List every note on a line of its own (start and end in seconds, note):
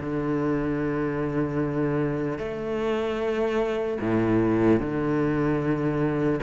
0.00 2.39 D3
2.39 3.99 A3
4.00 4.80 A2
4.80 6.40 D3